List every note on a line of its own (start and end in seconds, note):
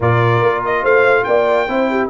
0.00 0.41 A#2
0.00 1.68 F4
0.00 0.81 A#4
0.00 0.64 D5
0.41 0.83 A#3
0.65 0.84 D#5
0.82 1.25 A3
0.82 1.24 C5
0.82 1.24 F5
1.24 1.68 A#3
1.24 1.69 D5
1.24 2.08 G5
1.68 2.09 C4
1.68 2.09 E4
1.68 1.90 C5
1.90 2.09 G4